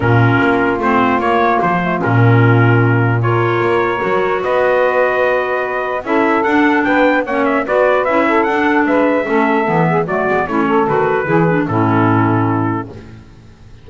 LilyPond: <<
  \new Staff \with { instrumentName = "trumpet" } { \time 4/4 \tempo 4 = 149 ais'2 c''4 cis''4 | c''4 ais'2. | cis''2. dis''4~ | dis''2. e''4 |
fis''4 g''4 fis''8 e''8 d''4 | e''4 fis''4 e''2~ | e''4 d''4 cis''4 b'4~ | b'4 a'2. | }
  \new Staff \with { instrumentName = "saxophone" } { \time 4/4 f'1~ | f'1 | ais'2. b'4~ | b'2. a'4~ |
a'4 b'4 cis''4 b'4~ | b'8 a'4. b'4 a'4~ | a'8 gis'8 fis'4 e'8 a'4. | gis'4 e'2. | }
  \new Staff \with { instrumentName = "clarinet" } { \time 4/4 cis'2 c'4 ais4~ | ais8 a8 cis'2. | f'2 fis'2~ | fis'2. e'4 |
d'2 cis'4 fis'4 | e'4 d'2 cis'4 | b4 a8 b8 cis'4 fis'4 | e'8 d'8 cis'2. | }
  \new Staff \with { instrumentName = "double bass" } { \time 4/4 ais,4 ais4 a4 ais4 | f4 ais,2.~ | ais,4 ais4 fis4 b4~ | b2. cis'4 |
d'4 b4 ais4 b4 | cis'4 d'4 gis4 a4 | e4 fis8 gis8 a4 dis4 | e4 a,2. | }
>>